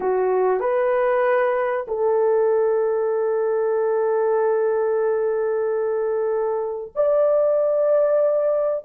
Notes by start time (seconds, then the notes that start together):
0.00 F#4
0.59 B4
1.87 A4
6.95 D5